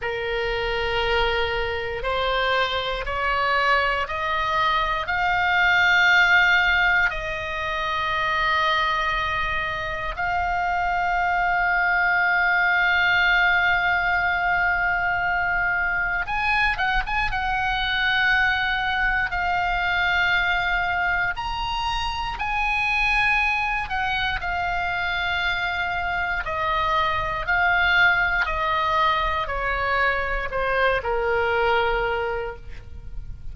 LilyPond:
\new Staff \with { instrumentName = "oboe" } { \time 4/4 \tempo 4 = 59 ais'2 c''4 cis''4 | dis''4 f''2 dis''4~ | dis''2 f''2~ | f''1 |
gis''8 fis''16 gis''16 fis''2 f''4~ | f''4 ais''4 gis''4. fis''8 | f''2 dis''4 f''4 | dis''4 cis''4 c''8 ais'4. | }